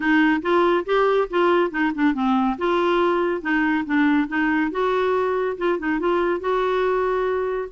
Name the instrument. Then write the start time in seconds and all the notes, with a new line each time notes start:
clarinet
0.00 D#4
0.42 F4
0.85 G4
1.30 F4
1.70 D#4
1.95 D4
2.14 C4
2.58 F4
3.41 D#4
3.85 D4
4.28 D#4
4.71 F#4
5.57 F4
5.78 D#4
5.99 F4
6.40 F#4